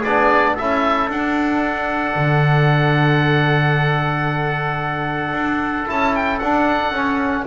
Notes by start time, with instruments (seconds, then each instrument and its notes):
0.00 double bass B3, trombone D4, trumpet G#4, oboe D5
0.55 double bass C#4, trombone E4, trumpet A4, oboe E5
1.09 double bass D4, trombone D4, oboe F#5
2.15 double bass D3
5.33 double bass D4
5.87 double bass C#4, trombone E4, oboe A5
6.15 oboe G5
6.38 double bass D4, trombone D4, oboe F#5
6.90 double bass C#4, trombone C#4